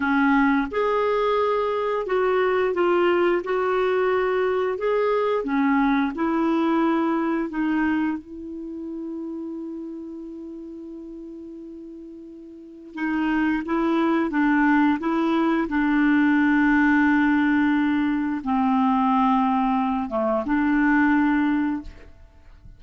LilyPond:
\new Staff \with { instrumentName = "clarinet" } { \time 4/4 \tempo 4 = 88 cis'4 gis'2 fis'4 | f'4 fis'2 gis'4 | cis'4 e'2 dis'4 | e'1~ |
e'2. dis'4 | e'4 d'4 e'4 d'4~ | d'2. c'4~ | c'4. a8 d'2 | }